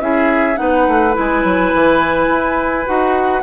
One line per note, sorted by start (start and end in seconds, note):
0.00 0.57 C#4
0.00 0.55 E4
0.00 0.60 G#4
0.00 0.57 E5
0.55 0.88 B3
0.55 1.12 D#4
0.55 3.43 B4
0.55 1.14 F#5
0.88 1.16 A3
1.13 1.44 G#3
1.13 2.85 E4
1.13 2.87 G#5
1.44 1.72 F#3
1.74 2.28 E3
2.28 2.86 E4
2.86 3.43 D#4
2.86 3.43 F#4
2.86 3.43 F#5